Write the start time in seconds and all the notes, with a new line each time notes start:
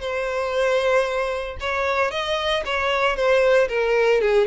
0.00 C5
1.60 C#5
2.11 D#5
2.65 C#5
3.16 C5
3.68 A#4
4.21 G#4